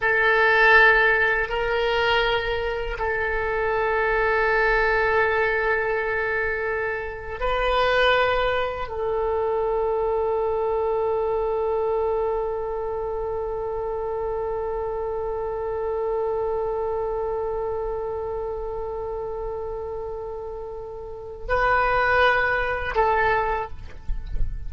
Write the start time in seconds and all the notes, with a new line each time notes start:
0.01 A4
1.48 A#4
2.98 A4
7.40 B4
8.88 A4
21.48 B4
22.95 A4